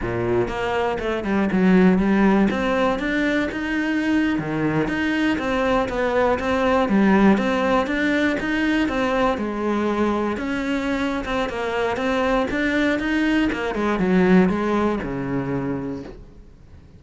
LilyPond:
\new Staff \with { instrumentName = "cello" } { \time 4/4 \tempo 4 = 120 ais,4 ais4 a8 g8 fis4 | g4 c'4 d'4 dis'4~ | dis'8. dis4 dis'4 c'4 b16~ | b8. c'4 g4 c'4 d'16~ |
d'8. dis'4 c'4 gis4~ gis16~ | gis8. cis'4.~ cis'16 c'8 ais4 | c'4 d'4 dis'4 ais8 gis8 | fis4 gis4 cis2 | }